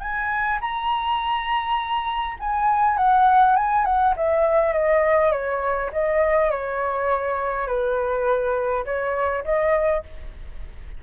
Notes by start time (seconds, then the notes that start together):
0.00 G#5
0.60 A#5
2.39 G#5
2.97 F#5
3.56 G#5
3.85 F#5
4.16 E5
4.72 D#5
5.31 C#5
5.92 D#5
6.50 C#5
7.67 B4
8.85 C#5
9.44 D#5